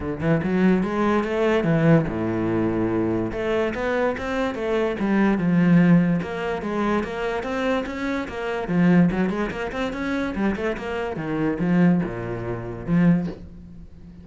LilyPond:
\new Staff \with { instrumentName = "cello" } { \time 4/4 \tempo 4 = 145 d8 e8 fis4 gis4 a4 | e4 a,2. | a4 b4 c'4 a4 | g4 f2 ais4 |
gis4 ais4 c'4 cis'4 | ais4 f4 fis8 gis8 ais8 c'8 | cis'4 g8 a8 ais4 dis4 | f4 ais,2 f4 | }